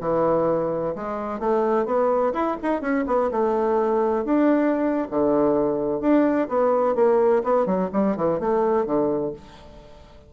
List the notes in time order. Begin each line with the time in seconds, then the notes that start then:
0.00 E3
0.94 G#3
1.39 A3
1.85 B3
2.33 E4
2.62 D#4
2.81 C#4
3.06 B3
3.31 A3
4.24 D4
5.10 D3
6.00 D4
6.48 B3
6.95 A#3
7.43 B3
7.66 F#3
7.92 G3
8.16 E3
8.39 A3
8.85 D3